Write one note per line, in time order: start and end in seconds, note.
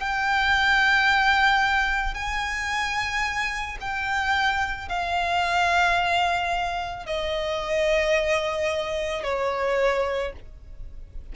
0.00 2.14 G5
2.14 3.78 G#5
3.81 4.89 G5
4.89 7.06 F5
7.06 9.23 D#5
9.23 10.32 C#5